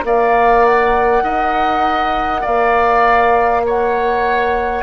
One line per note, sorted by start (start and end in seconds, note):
0.00 1.22 A#3
0.00 4.80 A#4
0.00 1.23 D5
0.00 0.65 F5
0.65 2.44 F#5
1.22 2.42 D#4
1.22 2.41 D#5
2.41 4.83 A#3
2.41 3.61 D5
2.41 3.64 F5
3.66 4.83 C#5
3.66 4.83 F#5